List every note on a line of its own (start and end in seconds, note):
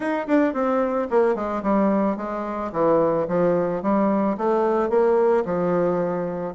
0.00 0.26 D#4
0.27 0.53 D4
0.53 1.08 C4
1.10 1.35 A#3
1.35 1.62 G#3
1.62 2.16 G3
2.16 2.71 G#3
2.72 3.27 E3
3.28 3.82 F3
3.82 4.37 G3
4.37 4.89 A3
4.89 5.44 A#3
5.45 6.54 F3